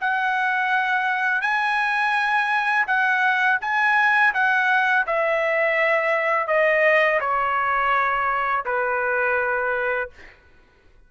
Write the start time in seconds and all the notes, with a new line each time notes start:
0.00 F#5
1.41 G#5
2.87 F#5
3.61 G#5
4.33 F#5
5.06 E5
6.47 D#5
7.20 C#5
8.65 B4